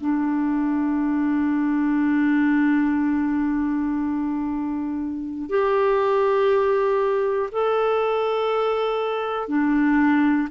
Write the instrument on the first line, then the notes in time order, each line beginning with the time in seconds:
clarinet
0.00 D4
5.50 G4
7.52 A4
9.48 D4